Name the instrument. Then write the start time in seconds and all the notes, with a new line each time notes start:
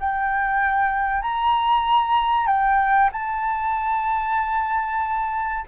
flute
0.00 G5
1.22 A#5
2.47 G5
3.13 A5